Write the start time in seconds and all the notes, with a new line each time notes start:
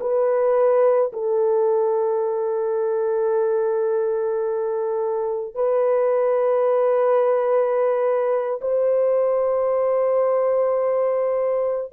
0.00 B4
1.13 A4
5.55 B4
8.61 C5